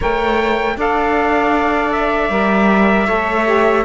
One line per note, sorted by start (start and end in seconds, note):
0.00 0.76 A3
0.00 0.77 A#4
0.00 0.74 C#5
0.00 0.79 G5
0.76 2.29 D4
0.76 2.29 A4
0.76 3.06 D5
0.76 1.92 F5
1.92 3.84 E5
2.29 3.06 G3
2.29 3.06 A#4
3.06 3.84 A3
3.06 3.45 A4
3.06 3.83 C#5
3.45 3.83 G4